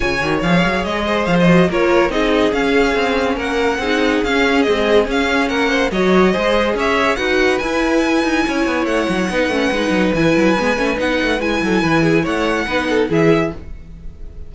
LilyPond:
<<
  \new Staff \with { instrumentName = "violin" } { \time 4/4 \tempo 4 = 142 gis''4 f''4 dis''4 f''16 dis''8. | cis''4 dis''4 f''2 | fis''2 f''4 dis''4 | f''4 fis''4 dis''2 |
e''4 fis''4 gis''2~ | gis''4 fis''2. | gis''2 fis''4 gis''4~ | gis''4 fis''2 e''4 | }
  \new Staff \with { instrumentName = "violin" } { \time 4/4 cis''2~ cis''8 c''4. | ais'4 gis'2. | ais'4 gis'2.~ | gis'4 ais'8 c''8 cis''4 c''4 |
cis''4 b'2. | cis''2 b'2~ | b'2.~ b'8 a'8 | b'8 gis'8 cis''4 b'8 a'8 gis'4 | }
  \new Staff \with { instrumentName = "viola" } { \time 4/4 f'8 fis'8 gis'2~ gis'8 fis'8 | f'4 dis'4 cis'2~ | cis'4 dis'4 cis'4 gis4 | cis'2 fis'4 gis'4~ |
gis'4 fis'4 e'2~ | e'2 dis'8 cis'8 dis'4 | e'4 b8 cis'8 dis'4 e'4~ | e'2 dis'4 e'4 | }
  \new Staff \with { instrumentName = "cello" } { \time 4/4 cis8 dis8 f8 fis8 gis4 f4 | ais4 c'4 cis'4 c'4 | ais4 c'4 cis'4 c'4 | cis'4 ais4 fis4 gis4 |
cis'4 dis'4 e'4. dis'8 | cis'8 b8 a8 fis8 b8 a8 gis8 fis8 | e8 fis8 gis8 a8 b8 a8 gis8 fis8 | e4 a4 b4 e4 | }
>>